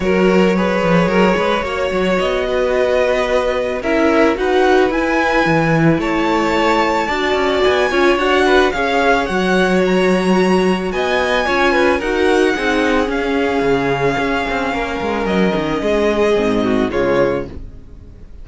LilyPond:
<<
  \new Staff \with { instrumentName = "violin" } { \time 4/4 \tempo 4 = 110 cis''1 | dis''2. e''4 | fis''4 gis''2 a''4~ | a''2 gis''4 fis''4 |
f''4 fis''4 ais''2 | gis''2 fis''2 | f''1 | dis''2. cis''4 | }
  \new Staff \with { instrumentName = "violin" } { \time 4/4 ais'4 b'4 ais'8 b'8 cis''4~ | cis''8 b'2~ b'8 ais'4 | b'2. cis''4~ | cis''4 d''4. cis''4 b'8 |
cis''1 | dis''4 cis''8 b'8 ais'4 gis'4~ | gis'2. ais'4~ | ais'4 gis'4. fis'8 f'4 | }
  \new Staff \with { instrumentName = "viola" } { \time 4/4 fis'4 gis'2 fis'4~ | fis'2. e'4 | fis'4 e'2.~ | e'4 fis'4. f'8 fis'4 |
gis'4 fis'2.~ | fis'4 f'4 fis'4 dis'4 | cis'1~ | cis'2 c'4 gis4 | }
  \new Staff \with { instrumentName = "cello" } { \time 4/4 fis4. f8 fis8 gis8 ais8 fis8 | b2. cis'4 | dis'4 e'4 e4 a4~ | a4 d'8 cis'8 b8 cis'8 d'4 |
cis'4 fis2. | b4 cis'4 dis'4 c'4 | cis'4 cis4 cis'8 c'8 ais8 gis8 | fis8 dis8 gis4 gis,4 cis4 | }
>>